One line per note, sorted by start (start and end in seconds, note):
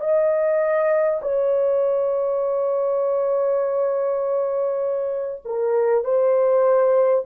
0.00 1.20 D#5
1.22 5.42 C#5
5.45 6.04 A#4
6.04 7.24 C5